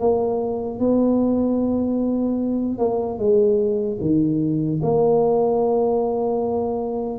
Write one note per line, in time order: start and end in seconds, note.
0.00 0.80 A#3
0.80 2.78 B3
2.78 3.18 A#3
3.19 3.99 G#3
4.01 4.81 D#3
4.83 7.19 A#3